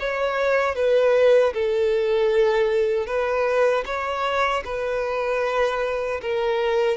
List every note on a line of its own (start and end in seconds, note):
0.00 0.76 C#5
0.76 1.54 B4
1.54 3.07 A4
3.07 3.85 B4
3.86 4.64 C#5
4.65 6.21 B4
6.22 6.98 A#4